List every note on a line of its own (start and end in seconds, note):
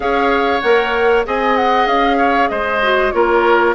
0.00 0.61 C#4
0.00 0.60 G#4
0.00 1.26 C#5
0.00 0.60 F5
0.60 1.26 A#3
0.60 1.25 A#4
0.60 1.23 F#5
1.25 1.86 C4
1.25 2.81 G#4
1.25 2.17 D#5
1.25 1.56 G#5
1.56 1.86 F#5
1.86 2.48 C#4
1.86 2.48 F5
2.17 2.48 C#5
2.48 3.12 G#3
2.48 3.13 C5
2.48 3.11 D#5
2.82 3.12 F#4
3.11 3.75 A#3
3.11 3.75 F4
3.11 3.75 A#4
3.11 3.73 C#5